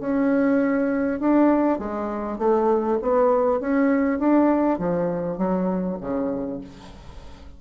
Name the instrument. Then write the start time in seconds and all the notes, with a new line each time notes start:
bassoon
0.00 C#4
1.20 D4
1.79 G#3
2.38 A3
3.02 B3
3.61 C#4
4.19 D4
4.79 F3
5.38 F#3
6.01 C#3